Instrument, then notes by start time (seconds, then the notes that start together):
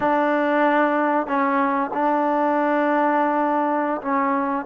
trombone
0.00 D4
1.26 C#4
1.93 D4
4.01 C#4